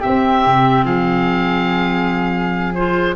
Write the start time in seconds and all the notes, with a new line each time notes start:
0.00 C4 G4 E5
0.06 C4
0.46 C3
0.84 F3 G#4 F5
2.74 F4 C5